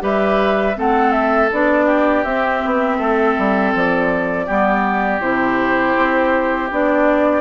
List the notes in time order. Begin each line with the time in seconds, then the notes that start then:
0.00 G3 G4 B4 E5
0.76 A3 C4 A4 F#5
1.12 E5
1.52 B3 D4 D5
1.86 G4
2.24 C4 E5
2.65 B3
2.98 A3 A4
3.38 G3
3.75 F3 D5
4.46 G3 B3 G4
5.21 C3 E4 C5
5.97 C4
6.71 B3 D4 D5